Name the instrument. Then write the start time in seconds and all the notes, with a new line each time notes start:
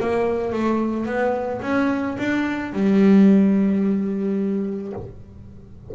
double bass
0.00 A#3
0.52 A3
1.06 B3
1.62 C#4
2.18 D4
2.73 G3